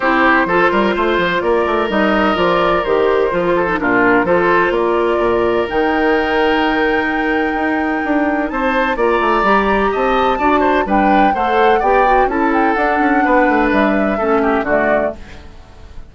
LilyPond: <<
  \new Staff \with { instrumentName = "flute" } { \time 4/4 \tempo 4 = 127 c''2. d''4 | dis''4 d''4 c''2 | ais'4 c''4 d''2 | g''1~ |
g''2 a''4 ais''4~ | ais''4 a''2 g''4 | fis''4 g''4 a''8 g''8 fis''4~ | fis''4 e''2 d''4 | }
  \new Staff \with { instrumentName = "oboe" } { \time 4/4 g'4 a'8 ais'8 c''4 ais'4~ | ais'2.~ ais'8 a'8 | f'4 a'4 ais'2~ | ais'1~ |
ais'2 c''4 d''4~ | d''4 dis''4 d''8 c''8 b'4 | c''4 d''4 a'2 | b'2 a'8 g'8 fis'4 | }
  \new Staff \with { instrumentName = "clarinet" } { \time 4/4 e'4 f'2. | dis'4 f'4 g'4 f'8. dis'16 | d'4 f'2. | dis'1~ |
dis'2. f'4 | g'2 fis'4 d'4 | a'4 g'8 fis'8 e'4 d'4~ | d'2 cis'4 a4 | }
  \new Staff \with { instrumentName = "bassoon" } { \time 4/4 c'4 f8 g8 a8 f8 ais8 a8 | g4 f4 dis4 f4 | ais,4 f4 ais4 ais,4 | dis1 |
dis'4 d'4 c'4 ais8 a8 | g4 c'4 d'4 g4 | a4 b4 cis'4 d'8 cis'8 | b8 a8 g4 a4 d4 | }
>>